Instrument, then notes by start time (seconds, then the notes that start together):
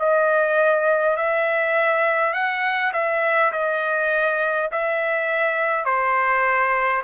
trumpet
0.00 D#5
1.17 E5
2.34 F#5
2.94 E5
3.53 D#5
4.72 E5
5.86 C5